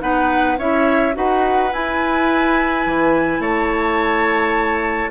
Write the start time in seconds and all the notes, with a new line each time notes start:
0.00 B3 D#4 B4 F#5
0.58 C#4 E4 C#5 E5
1.14 D#4 F#4 B4 F#5
1.73 E4 G#5
2.86 E3
3.39 A3 C#5 A5